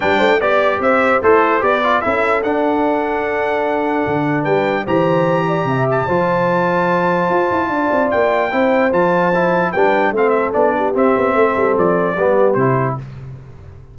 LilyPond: <<
  \new Staff \with { instrumentName = "trumpet" } { \time 4/4 \tempo 4 = 148 g''4 d''4 e''4 c''4 | d''4 e''4 fis''2~ | fis''2. g''4 | ais''2~ ais''8 a''4.~ |
a''1 | g''2 a''2 | g''4 f''8 e''8 d''4 e''4~ | e''4 d''2 c''4 | }
  \new Staff \with { instrumentName = "horn" } { \time 4/4 b'8 c''8 d''4 c''4 e'4 | b'4 a'2.~ | a'2. b'4 | c''4. d''8 e''4 c''4~ |
c''2. d''4~ | d''4 c''2. | b'4 a'4. g'4. | a'2 g'2 | }
  \new Staff \with { instrumentName = "trombone" } { \time 4/4 d'4 g'2 a'4 | g'8 f'8 e'4 d'2~ | d'1 | g'2. f'4~ |
f'1~ | f'4 e'4 f'4 e'4 | d'4 c'4 d'4 c'4~ | c'2 b4 e'4 | }
  \new Staff \with { instrumentName = "tuba" } { \time 4/4 g8 a8 b4 c'4 a4 | b4 cis'4 d'2~ | d'2 d4 g4 | e2 c4 f4~ |
f2 f'8 e'8 d'8 c'8 | ais4 c'4 f2 | g4 a4 b4 c'8 b8 | a8 g8 f4 g4 c4 | }
>>